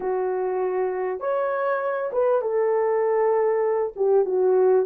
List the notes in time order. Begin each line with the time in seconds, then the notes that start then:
0.00 F#4
1.20 C#5
2.12 B4
2.41 A4
3.96 G4
4.25 F#4